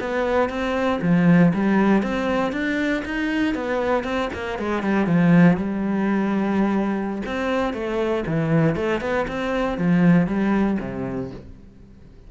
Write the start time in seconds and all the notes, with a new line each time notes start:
0.00 B3
0.49 C4
1.01 F3
1.53 G3
2.02 C4
2.52 D4
3.05 D#4
3.54 B3
4.04 C4
4.33 A#3
4.58 G#3
4.82 G3
5.06 F3
5.57 G3
7.25 C4
7.73 A3
8.26 E3
8.75 A3
9.01 B3
9.28 C4
9.77 F3
10.27 G3
10.80 C3